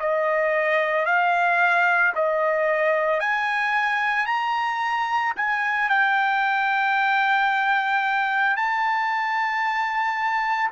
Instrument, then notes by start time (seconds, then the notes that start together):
trumpet
0.00 D#5
1.06 F5
2.15 D#5
3.20 G#5
4.26 A#5
5.37 G#5
5.89 G5
8.56 A5